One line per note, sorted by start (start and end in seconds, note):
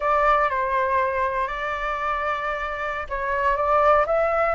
0.00 0.49 D5
0.49 1.47 C5
1.47 3.07 D5
3.09 3.56 C#5
3.56 4.05 D5
4.06 4.54 E5